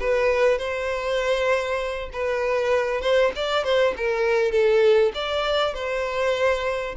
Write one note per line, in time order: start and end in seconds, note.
0.00 0.58 B4
0.58 2.10 C5
2.13 3.01 B4
3.01 3.32 C5
3.36 3.64 D5
3.64 3.94 C5
3.97 4.52 A#4
4.52 5.12 A4
5.15 5.74 D5
5.74 6.95 C5